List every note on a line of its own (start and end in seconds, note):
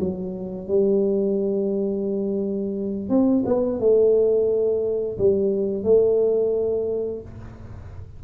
0.00 0.68 F#3
0.68 3.10 G3
3.10 3.44 C4
3.46 3.80 B3
3.80 5.18 A3
5.18 5.84 G3
5.84 7.22 A3